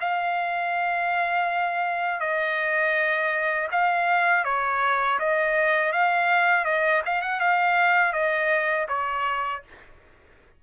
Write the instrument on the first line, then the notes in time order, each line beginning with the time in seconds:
trumpet
0.00 F5
2.20 D#5
3.71 F5
4.44 C#5
5.19 D#5
5.92 F5
6.65 D#5
7.05 F5
7.22 F#5
7.40 F5
8.13 D#5
8.89 C#5